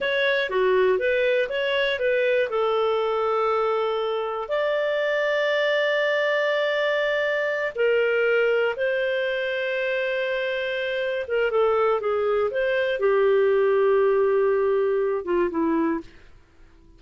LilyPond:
\new Staff \with { instrumentName = "clarinet" } { \time 4/4 \tempo 4 = 120 cis''4 fis'4 b'4 cis''4 | b'4 a'2.~ | a'4 d''2.~ | d''2.~ d''8 ais'8~ |
ais'4. c''2~ c''8~ | c''2~ c''8 ais'8 a'4 | gis'4 c''4 g'2~ | g'2~ g'8 f'8 e'4 | }